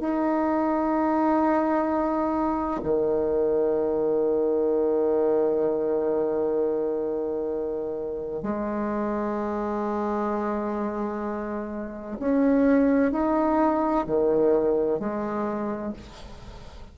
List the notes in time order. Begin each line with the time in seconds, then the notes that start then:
0.00 D#4
2.83 D#3
8.43 G#3
12.20 C#4
13.12 D#4
14.07 D#3
15.00 G#3